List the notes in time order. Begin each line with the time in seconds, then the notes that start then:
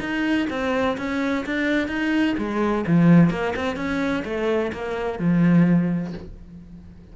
0.00 D#4
0.50 C4
0.98 C#4
1.46 D4
1.88 D#4
2.38 G#3
2.87 F3
3.30 A#3
3.56 C4
3.76 C#4
4.25 A3
4.73 A#3
5.19 F3